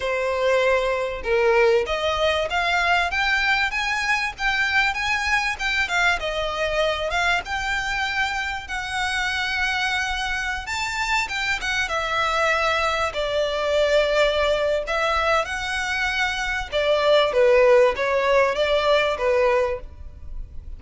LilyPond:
\new Staff \with { instrumentName = "violin" } { \time 4/4 \tempo 4 = 97 c''2 ais'4 dis''4 | f''4 g''4 gis''4 g''4 | gis''4 g''8 f''8 dis''4. f''8 | g''2 fis''2~ |
fis''4~ fis''16 a''4 g''8 fis''8 e''8.~ | e''4~ e''16 d''2~ d''8. | e''4 fis''2 d''4 | b'4 cis''4 d''4 b'4 | }